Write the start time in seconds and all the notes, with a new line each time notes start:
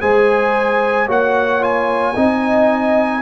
0.00 G#3 G#4 C5 G#5
1.06 A#3 F#4 C#5 F#5
1.60 F4 G#5
2.15 C4 D#4 D#5